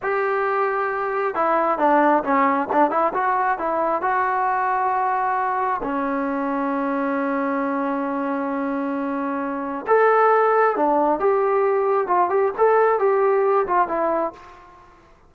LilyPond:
\new Staff \with { instrumentName = "trombone" } { \time 4/4 \tempo 4 = 134 g'2. e'4 | d'4 cis'4 d'8 e'8 fis'4 | e'4 fis'2.~ | fis'4 cis'2.~ |
cis'1~ | cis'2 a'2 | d'4 g'2 f'8 g'8 | a'4 g'4. f'8 e'4 | }